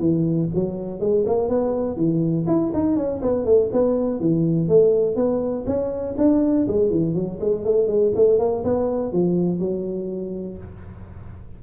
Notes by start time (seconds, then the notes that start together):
0.00 E3
0.55 F#3
1.00 G#3
1.26 A#3
1.49 B3
1.97 E3
2.47 E4
2.74 D#4
2.97 C#4
3.22 B3
3.46 A3
3.73 B3
4.20 E3
4.69 A3
5.16 B3
5.66 C#4
6.18 D4
6.68 G#3
6.91 E3
7.15 F#3
7.41 G#3
7.65 A3
7.88 G#3
8.15 A3
8.39 A#3
8.64 B3
9.13 F3
9.59 F#3